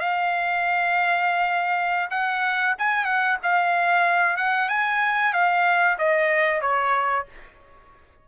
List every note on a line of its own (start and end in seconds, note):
0.00 2.10 F5
2.11 2.75 F#5
2.79 3.05 G#5
3.05 3.37 F#5
3.43 4.37 F5
4.37 4.69 F#5
4.69 5.33 G#5
5.33 5.98 F5
5.99 6.61 D#5
6.61 7.26 C#5